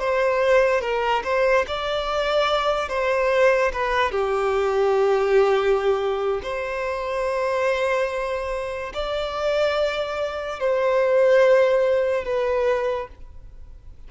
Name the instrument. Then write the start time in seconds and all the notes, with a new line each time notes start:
violin
0.00 C5
0.81 A#4
1.24 C5
1.68 D5
2.89 C5
3.73 B4
4.12 G4
6.43 C5
8.94 D5
10.61 C5
12.25 B4